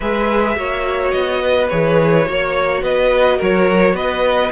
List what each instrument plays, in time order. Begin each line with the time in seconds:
0.00 cello G#3, viola G#4, violin B4 E5
0.55 cello A#3, viola F#4, violin C#5
1.11 cello B3, violin D#5
1.43 violin B4
1.69 cello E3, viola G#4, violin C#5
2.25 cello A#3, viola F#4, violin C#5
2.82 cello B3, violin B4 D#5
3.37 cello F#3, violin A#4
3.43 violin C#5
3.93 cello B3, violin B4 D#5